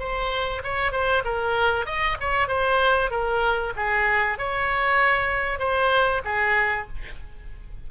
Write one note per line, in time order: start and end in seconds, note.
0.00 0.62 C5
0.64 0.92 C#5
0.92 1.23 C5
1.25 1.86 A#4
1.86 2.17 D#5
2.21 2.48 C#5
2.48 3.11 C5
3.11 3.74 A#4
3.77 4.39 G#4
4.39 5.60 C#5
5.60 6.22 C5
6.25 6.88 G#4